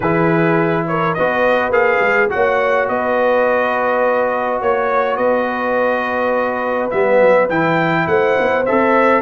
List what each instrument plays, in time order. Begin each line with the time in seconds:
0.00 tuba E3, trombone E4, horn G#4, trumpet B4
0.87 horn A#4, trumpet C#5
1.14 tuba B3, trombone F#4, horn B4, trumpet D#5
1.69 tuba A#3, trombone G#4, trumpet F5
2.00 tuba G#3
2.29 tuba A#3, trombone F#4, horn C#5, trumpet F#5
2.88 tuba B3, horn B4, trumpet D#5
4.61 tuba A#3, trumpet C#5, horn C#5
5.16 tuba B3, horn B4, trumpet D#5
6.90 tuba G3, trombone B3, trumpet E5
7.20 tuba F#3
7.49 tuba E3, trombone E4, trumpet G5
8.07 tuba A3, horn C5, trumpet F#5
8.39 tuba B3
8.65 tuba C4, trombone A4, trumpet E5